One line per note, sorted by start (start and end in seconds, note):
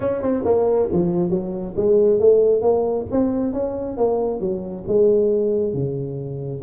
0.00 0.21 C#4
0.21 0.44 C4
0.45 0.89 A#3
0.92 1.30 F3
1.30 1.74 F#3
1.76 2.19 G#3
2.19 2.61 A3
2.61 3.05 A#3
3.11 3.53 C4
3.53 3.97 C#4
3.97 4.40 A#3
4.40 4.84 F#3
4.87 5.73 G#3
5.73 6.61 C#3